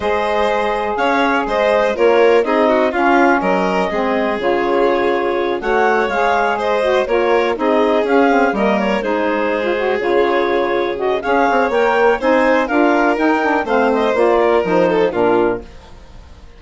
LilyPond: <<
  \new Staff \with { instrumentName = "clarinet" } { \time 4/4 \tempo 4 = 123 dis''2 f''4 dis''4 | cis''4 dis''4 f''4 dis''4~ | dis''4 cis''2~ cis''8 fis''8~ | fis''8 f''4 dis''4 cis''4 dis''8~ |
dis''8 f''4 dis''8 cis''8 c''4.~ | c''8 cis''2 dis''8 f''4 | g''4 gis''4 f''4 g''4 | f''8 dis''8 d''4 c''4 ais'4 | }
  \new Staff \with { instrumentName = "violin" } { \time 4/4 c''2 cis''4 c''4 | ais'4 gis'8 fis'8 f'4 ais'4 | gis'2.~ gis'8 cis''8~ | cis''4. c''4 ais'4 gis'8~ |
gis'4. ais'4 gis'4.~ | gis'2. cis''4~ | cis''4 c''4 ais'2 | c''4. ais'4 a'8 f'4 | }
  \new Staff \with { instrumentName = "saxophone" } { \time 4/4 gis'1 | f'4 dis'4 cis'2 | c'4 f'2~ f'8 fis'8~ | fis'8 gis'4. fis'8 f'4 dis'8~ |
dis'8 cis'8 c'8 ais4 dis'4~ dis'16 f'16 | fis'8 f'2 fis'8 gis'4 | ais'4 dis'4 f'4 dis'8 d'8 | c'4 f'4 dis'4 d'4 | }
  \new Staff \with { instrumentName = "bassoon" } { \time 4/4 gis2 cis'4 gis4 | ais4 c'4 cis'4 fis4 | gis4 cis2~ cis8 a8~ | a8 gis2 ais4 c'8~ |
c'8 cis'4 g4 gis4.~ | gis8 cis2~ cis8 cis'8 c'8 | ais4 c'4 d'4 dis'4 | a4 ais4 f4 ais,4 | }
>>